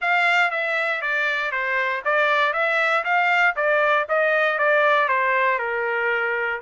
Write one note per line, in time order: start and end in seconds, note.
0.01 0.50 F5
0.50 1.01 E5
1.01 1.51 D5
1.51 2.02 C5
2.05 2.53 D5
2.53 3.04 E5
3.04 3.55 F5
3.56 4.07 D5
4.08 4.58 D#5
4.58 5.08 D5
5.08 5.59 C5
5.59 6.60 A#4